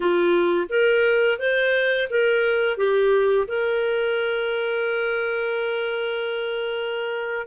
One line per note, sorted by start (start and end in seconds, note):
0.00 0.67 F4
0.69 1.39 A#4
1.39 2.08 C5
2.10 2.77 A#4
2.77 3.47 G4
3.47 7.47 A#4